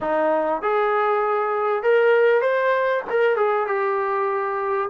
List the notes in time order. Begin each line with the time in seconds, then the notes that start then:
0.00 D#4
0.62 G#4
1.82 A#4
2.41 C5
3.09 A#4
3.36 G#4
3.66 G4